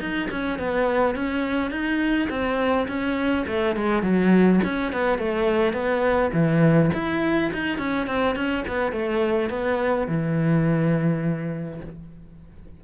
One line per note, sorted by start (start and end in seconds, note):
0.00 0.29 D#4
0.31 0.59 C#4
0.59 1.15 B3
1.15 1.71 C#4
1.71 2.29 D#4
2.30 2.87 C4
2.88 3.46 C#4
3.47 3.76 A3
3.76 4.03 G#3
4.03 4.60 F#3
4.64 4.92 C#4
4.92 5.18 B3
5.18 5.73 A3
5.73 6.31 B3
6.33 6.91 E3
6.94 7.52 E4
7.53 7.78 D#4
7.78 8.07 C#4
8.07 8.36 C4
8.36 8.65 C#4
8.67 8.92 B3
8.92 9.50 A3
9.50 10.08 B3
10.08 11.81 E3